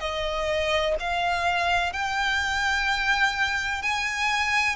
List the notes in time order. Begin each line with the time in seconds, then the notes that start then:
0.00 D#5
1.00 F5
1.93 G5
3.83 G#5